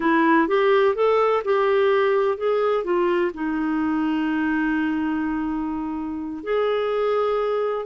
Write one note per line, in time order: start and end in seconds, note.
0.00 0.48 E4
0.48 0.95 G4
0.95 1.42 A4
1.44 2.37 G4
2.37 2.84 G#4
2.84 3.31 F4
3.34 6.43 D#4
6.43 7.85 G#4